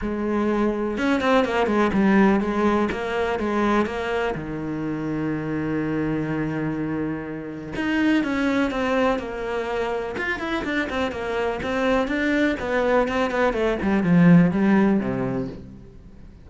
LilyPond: \new Staff \with { instrumentName = "cello" } { \time 4/4 \tempo 4 = 124 gis2 cis'8 c'8 ais8 gis8 | g4 gis4 ais4 gis4 | ais4 dis2.~ | dis1 |
dis'4 cis'4 c'4 ais4~ | ais4 f'8 e'8 d'8 c'8 ais4 | c'4 d'4 b4 c'8 b8 | a8 g8 f4 g4 c4 | }